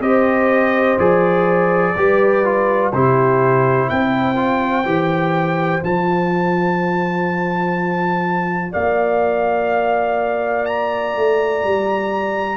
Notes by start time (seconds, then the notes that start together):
0.00 C4 G4 C5 D#5
0.99 F3 G#4 D5
1.96 G3 G4 B4
2.45 F4
2.93 C3 E4 G4 C5
3.89 C4 C5 G5
4.36 F4
4.85 E3 G4
5.82 F3 F4 A5
8.72 A#3 D5 F5
10.66 A#5
11.17 A3
11.64 G3